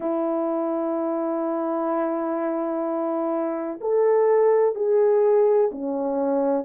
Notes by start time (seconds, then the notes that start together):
0.00 E4
3.81 A4
4.74 G#4
5.71 C#4